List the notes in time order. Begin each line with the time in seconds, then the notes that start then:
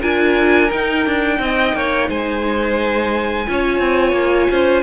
0.00 D4 F4 A#4 G#5
0.70 D#4 G5
1.06 D4
1.39 C4 D#5
1.74 A#3 C#5
2.08 G#3 C5 G#5
3.46 C#4 F4 C#5
3.79 C4
4.12 A#3
4.51 C#4 C5